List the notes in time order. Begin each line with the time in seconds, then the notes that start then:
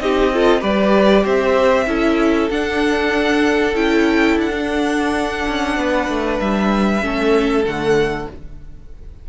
0.00 C4 D#4 G4 D#5
0.33 F4 A4
0.60 G3 G4 B4 D5
1.24 C4 C5 E5
1.87 C#4 E4 A4
2.50 D4 F#5
3.75 C#4 E4 G5
4.37 D4 F#5
4.51 D4
5.47 C#4
5.77 B3 B4
6.08 A3
6.40 G3 E5
7.02 A3 C#4 A4
7.64 D3 A3 F#5